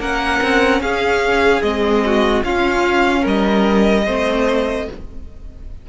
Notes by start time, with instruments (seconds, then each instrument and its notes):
0.00 cello A#3, viola C#4, violin A#4 F#5
0.43 cello C4
0.81 cello C#4, violin G#4 F5
1.62 cello G#3, viola C4, violin D#5
2.06 violin F#4
2.44 viola C#4, cello C#4, violin F4 F5
3.22 cello G3, violin A#4 D#5
4.06 cello A3, viola C4, violin C5